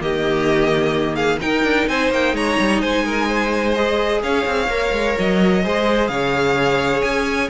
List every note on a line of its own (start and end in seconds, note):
0.00 1.42 D#3
0.00 1.41 A#3
0.00 1.16 G4
0.00 1.16 D#5
1.16 1.39 G#4
1.16 1.39 F5
1.41 3.75 D#4
1.41 1.64 D#4
1.41 1.89 A#4
1.41 1.88 G5
1.64 1.88 D4
1.88 2.11 C4
1.88 2.35 C5
1.88 2.12 G#5
2.11 2.33 A#3
2.11 2.36 G5
2.33 2.57 G#3
2.33 2.81 C#5
2.33 2.81 A#5
2.60 2.82 G3
2.81 4.23 G#3
2.81 3.05 C5
2.81 3.75 G#5
3.06 3.28 A#4
3.28 4.22 C5
3.75 4.69 G#4
3.75 4.22 D#5
4.23 4.46 C#4
4.23 5.64 C#5
4.23 5.17 F5
4.47 4.68 C4
4.68 4.91 A#3
4.68 5.64 A#4
4.92 5.16 G#3
5.19 5.66 F#3
5.19 6.08 D#5
5.64 6.09 G#3
5.64 7.50 G#4
5.64 6.11 C5
6.08 7.03 C#3
6.08 7.50 C#5
6.08 7.02 F5
7.02 7.50 C#4
7.02 7.49 G#5